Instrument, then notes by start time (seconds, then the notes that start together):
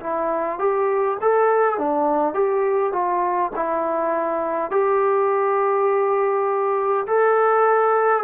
trombone
0.00 E4
0.58 G4
1.21 A4
1.78 D4
2.34 G4
2.92 F4
3.56 E4
4.71 G4
7.07 A4